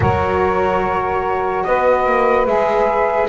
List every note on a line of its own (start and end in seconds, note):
0.00 1.64 F#3
0.00 2.46 F#4
0.00 1.65 A#4
0.00 1.63 C#5
1.63 2.05 B3
1.63 3.28 B4
1.63 2.45 D#5
2.05 2.46 A#3
2.46 3.28 G#3
2.46 3.28 G#4
2.46 3.28 E5